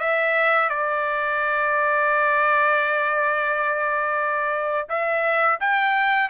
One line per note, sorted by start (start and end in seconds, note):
0.00 0.70 E5
0.70 4.88 D5
4.89 5.59 E5
5.60 6.30 G5